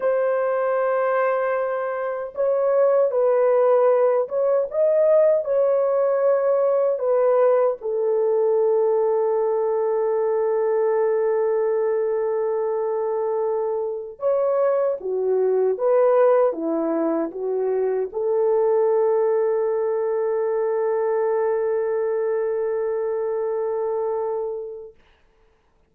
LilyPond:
\new Staff \with { instrumentName = "horn" } { \time 4/4 \tempo 4 = 77 c''2. cis''4 | b'4. cis''8 dis''4 cis''4~ | cis''4 b'4 a'2~ | a'1~ |
a'2~ a'16 cis''4 fis'8.~ | fis'16 b'4 e'4 fis'4 a'8.~ | a'1~ | a'1 | }